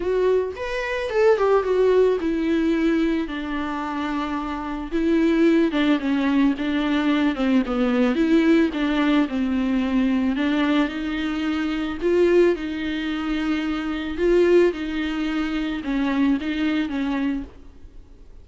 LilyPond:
\new Staff \with { instrumentName = "viola" } { \time 4/4 \tempo 4 = 110 fis'4 b'4 a'8 g'8 fis'4 | e'2 d'2~ | d'4 e'4. d'8 cis'4 | d'4. c'8 b4 e'4 |
d'4 c'2 d'4 | dis'2 f'4 dis'4~ | dis'2 f'4 dis'4~ | dis'4 cis'4 dis'4 cis'4 | }